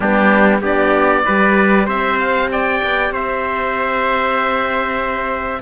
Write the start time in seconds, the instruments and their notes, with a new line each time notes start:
0.00 cello G3, horn B3, trumpet D4, oboe G4
0.61 cello B3, horn D4, trumpet G4, oboe D5
1.24 cello G3, horn G4, trumpet B4
1.86 cello C4, trumpet C5, oboe E5
2.18 oboe F5
2.51 trumpet D5, oboe G5
2.83 cello B3
3.11 cello C4, trumpet C5, oboe E5